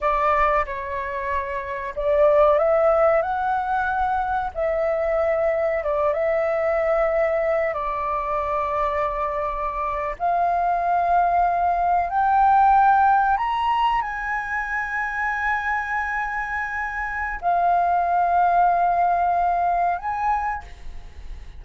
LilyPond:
\new Staff \with { instrumentName = "flute" } { \time 4/4 \tempo 4 = 93 d''4 cis''2 d''4 | e''4 fis''2 e''4~ | e''4 d''8 e''2~ e''8 | d''2.~ d''8. f''16~ |
f''2~ f''8. g''4~ g''16~ | g''8. ais''4 gis''2~ gis''16~ | gis''2. f''4~ | f''2. gis''4 | }